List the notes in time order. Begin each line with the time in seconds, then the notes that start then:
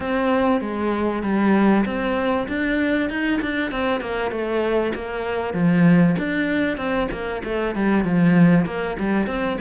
0.00 C4
0.60 G#3
1.23 G3
1.85 C4
2.47 D4
3.09 D#4
3.41 D4
3.71 C4
4.00 A#3
4.31 A3
4.95 A#3
5.53 F3
6.18 D4
6.77 C4
7.11 A#3
7.44 A3
7.75 G3
8.04 F3
8.65 A#3
8.99 G3
9.26 C4